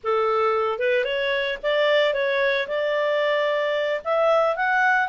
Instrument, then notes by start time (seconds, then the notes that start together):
clarinet
0.03 A4
0.79 B4
1.04 C#5
1.62 D5
2.13 C#5
2.67 D5
4.04 E5
4.55 F#5